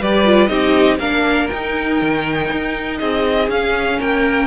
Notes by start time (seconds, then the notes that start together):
0.00 G3 G4 B4 D5
0.26 F4
0.48 C4 D#4 G4 D#5
0.99 A#3 D4 A#4 F5
1.48 D#4 G5
2.02 D#3
2.53 D#4
2.99 C4 G#4 D#5
3.49 C#4 F5
3.99 A#3 A#4 G5